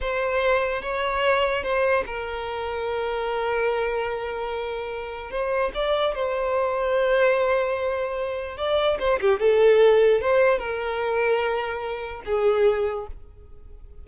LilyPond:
\new Staff \with { instrumentName = "violin" } { \time 4/4 \tempo 4 = 147 c''2 cis''2 | c''4 ais'2.~ | ais'1~ | ais'4 c''4 d''4 c''4~ |
c''1~ | c''4 d''4 c''8 g'8 a'4~ | a'4 c''4 ais'2~ | ais'2 gis'2 | }